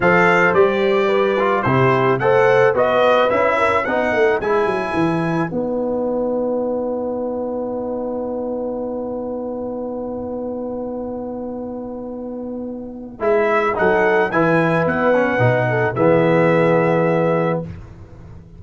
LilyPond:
<<
  \new Staff \with { instrumentName = "trumpet" } { \time 4/4 \tempo 4 = 109 f''4 d''2 c''4 | fis''4 dis''4 e''4 fis''4 | gis''2 fis''2~ | fis''1~ |
fis''1~ | fis''1 | e''4 fis''4 gis''4 fis''4~ | fis''4 e''2. | }
  \new Staff \with { instrumentName = "horn" } { \time 4/4 c''2 b'4 g'4 | c''4 b'4. ais'8 b'4~ | b'1~ | b'1~ |
b'1~ | b'1~ | b'4 a'4 b'2~ | b'8 a'8 gis'2. | }
  \new Staff \with { instrumentName = "trombone" } { \time 4/4 a'4 g'4. f'8 e'4 | a'4 fis'4 e'4 dis'4 | e'2 dis'2~ | dis'1~ |
dis'1~ | dis'1 | e'4 dis'4 e'4. cis'8 | dis'4 b2. | }
  \new Staff \with { instrumentName = "tuba" } { \time 4/4 f4 g2 c4 | a4 b4 cis'4 b8 a8 | gis8 fis8 e4 b2~ | b1~ |
b1~ | b1 | gis4 fis4 e4 b4 | b,4 e2. | }
>>